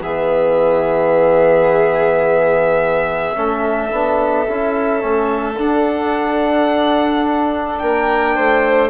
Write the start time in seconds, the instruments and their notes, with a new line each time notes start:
0.00 bassoon E3, trombone B3, violin G#4 E5
3.35 bassoon A3, trombone C#4, violin A4
3.91 bassoon B3, trombone D4
4.47 bassoon C#4, trombone E4
5.00 bassoon A3, trombone C#4
5.57 bassoon D4, trombone D4, violin F#5
7.78 bassoon A#3, violin A#4 G5
8.35 bassoon A3, violin C5